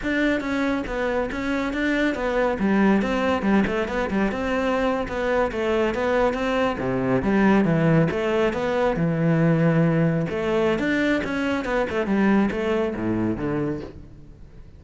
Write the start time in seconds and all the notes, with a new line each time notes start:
0.03 D4
0.40 C#4
0.86 B3
1.31 C#4
1.73 D4
2.14 B3
2.59 G3
3.01 C4
3.42 G3
3.67 A3
3.88 B3
4.10 G3
4.31 C4
5.07 B3
5.51 A3
5.94 B3
6.33 C4
6.79 C3
7.22 G3
7.64 E3
8.10 A3
8.53 B3
8.96 E3
10.29 A3
10.79 D4
11.24 C#4
11.64 B3
11.90 A3
12.06 G3
12.51 A3
12.95 A2
13.37 D3